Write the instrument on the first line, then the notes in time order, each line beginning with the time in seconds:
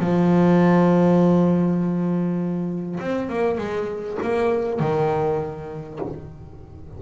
double bass
0.00 F3
3.00 C4
3.30 A#3
3.59 G#3
4.23 A#3
4.80 D#3